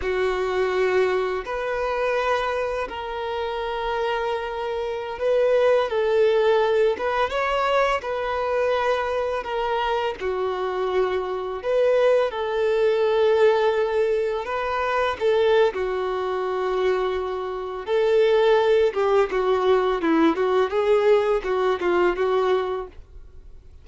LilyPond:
\new Staff \with { instrumentName = "violin" } { \time 4/4 \tempo 4 = 84 fis'2 b'2 | ais'2.~ ais'16 b'8.~ | b'16 a'4. b'8 cis''4 b'8.~ | b'4~ b'16 ais'4 fis'4.~ fis'16~ |
fis'16 b'4 a'2~ a'8.~ | a'16 b'4 a'8. fis'2~ | fis'4 a'4. g'8 fis'4 | e'8 fis'8 gis'4 fis'8 f'8 fis'4 | }